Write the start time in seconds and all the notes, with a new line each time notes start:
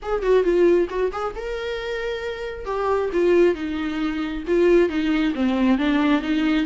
0.02 G#4
0.22 F#4
0.43 F4
0.89 F#4
1.12 G#4
1.35 A#4
2.65 G4
3.12 F4
3.54 D#4
4.47 F4
4.89 D#4
5.34 C4
5.78 D4
6.21 D#4